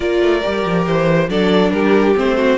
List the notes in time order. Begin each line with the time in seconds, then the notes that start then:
0.00 A#3 F4 A#4 D5
0.20 A3
0.42 G3 G4
0.65 F3
0.86 E3 C5
1.29 F#3 D4 A4 D5
1.70 G3 G4 A#4
2.15 A3 C4 C5
2.37 F#4